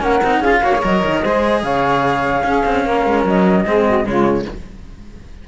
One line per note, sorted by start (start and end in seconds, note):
0.00 0.21 A#3
0.00 0.20 C#4
0.00 0.39 A#4
0.00 0.42 F#5
0.22 0.40 C4
0.22 0.44 D#4
0.39 0.60 C#4
0.39 0.63 F4
0.39 0.59 G#4
0.39 0.82 F5
0.61 0.82 A#3
0.61 0.73 F#4
0.61 1.22 C#5
0.74 0.82 G#4
0.82 1.04 F#3
0.82 1.22 A#4
0.82 1.63 D#5
1.05 1.24 D#3
1.22 1.62 G#3
1.22 2.43 G#4
1.22 1.62 C5
1.62 2.42 C#3
1.62 2.44 C#5
1.62 3.24 F5
2.42 2.62 C#4
2.42 3.64 C#4
2.42 2.85 G#4
2.65 2.85 C4
2.85 3.05 A#3
2.85 3.65 A#4
3.06 3.24 G#3
3.24 3.65 F#3
3.24 4.07 D#5
3.65 4.05 G#3
3.65 4.04 C4
3.65 3.85 G#4
3.86 4.06 F#4
4.04 4.46 C#3
4.04 4.45 G#3
4.04 4.48 F4
4.04 4.47 C#5